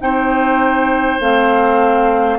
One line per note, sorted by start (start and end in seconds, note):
0.00 1.20 C4
0.00 1.20 D#4
0.00 2.39 C5
0.00 1.20 G5
1.20 2.39 A3
1.20 2.39 C4
1.20 2.39 F5